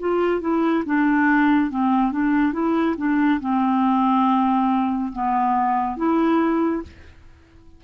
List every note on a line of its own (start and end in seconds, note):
0.00 0.41 F4
0.41 0.84 E4
0.86 1.71 D4
1.71 2.12 C4
2.12 2.53 D4
2.53 2.96 E4
2.98 3.41 D4
3.41 5.12 C4
5.13 5.97 B3
5.97 6.83 E4